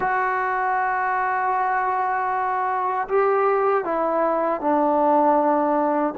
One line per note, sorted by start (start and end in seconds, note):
0.00 3.08 F#4
3.08 3.84 G4
3.84 4.60 E4
4.60 6.14 D4